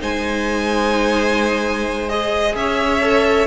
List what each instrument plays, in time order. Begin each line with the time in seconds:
0.00 cello G#3, viola D#4, violin C5 G#5
2.09 viola G#4, violin D#5
2.55 cello C#4, violin C#5 E5
3.02 viola A4